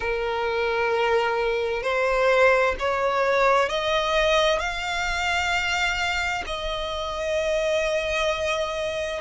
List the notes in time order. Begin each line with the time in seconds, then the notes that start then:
0.00 A#4
1.82 C5
2.79 C#5
3.69 D#5
4.59 F5
6.46 D#5